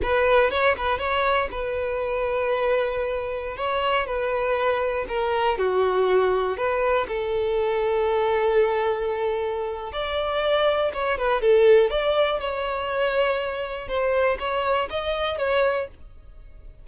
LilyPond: \new Staff \with { instrumentName = "violin" } { \time 4/4 \tempo 4 = 121 b'4 cis''8 b'8 cis''4 b'4~ | b'2.~ b'16 cis''8.~ | cis''16 b'2 ais'4 fis'8.~ | fis'4~ fis'16 b'4 a'4.~ a'16~ |
a'1 | d''2 cis''8 b'8 a'4 | d''4 cis''2. | c''4 cis''4 dis''4 cis''4 | }